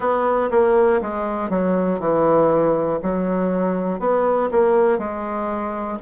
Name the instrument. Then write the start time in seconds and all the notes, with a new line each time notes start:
bassoon
0.00 B3
0.50 A#3
1.01 G#3
1.50 F#3
1.99 E3
3.02 F#3
4.00 B3
4.50 A#3
4.98 G#3